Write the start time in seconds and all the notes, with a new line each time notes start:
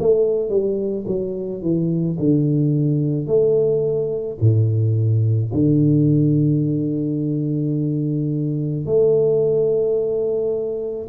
0.00 A3
0.49 G3
1.08 F#3
1.62 E3
2.19 D3
3.27 A3
4.41 A2
5.54 D3
8.86 A3